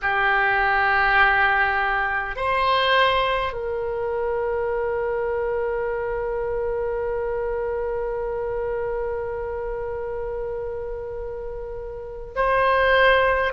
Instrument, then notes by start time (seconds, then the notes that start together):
oboe
0.02 G4
2.36 C5
3.52 A#4
12.35 C5